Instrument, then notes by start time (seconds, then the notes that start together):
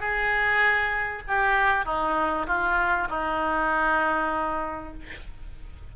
oboe
0.00 G#4
1.28 G4
1.85 D#4
2.47 F4
3.10 D#4